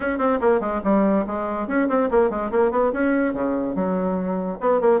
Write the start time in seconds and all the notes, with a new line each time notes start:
0.00 C#4
0.18 C4
0.40 A#3
0.60 G#3
0.83 G3
1.26 G#3
1.67 C#4
1.88 C4
2.11 A#3
2.30 G#3
2.51 A#3
2.71 B3
2.93 C#4
3.33 C#3
3.75 F#3
4.60 B3
4.80 A#3